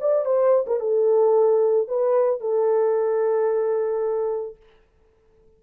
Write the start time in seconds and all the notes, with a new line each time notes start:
0.00 D5
0.25 C5
0.66 A#4
0.80 A4
1.88 B4
2.40 A4